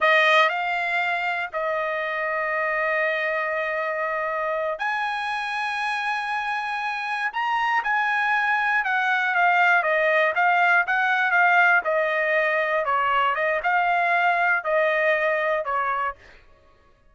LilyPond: \new Staff \with { instrumentName = "trumpet" } { \time 4/4 \tempo 4 = 119 dis''4 f''2 dis''4~ | dis''1~ | dis''4. gis''2~ gis''8~ | gis''2~ gis''8 ais''4 gis''8~ |
gis''4. fis''4 f''4 dis''8~ | dis''8 f''4 fis''4 f''4 dis''8~ | dis''4. cis''4 dis''8 f''4~ | f''4 dis''2 cis''4 | }